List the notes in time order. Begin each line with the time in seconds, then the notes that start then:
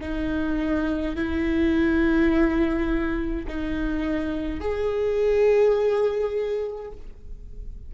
0.00 D#4
1.15 E4
3.47 D#4
4.60 G#4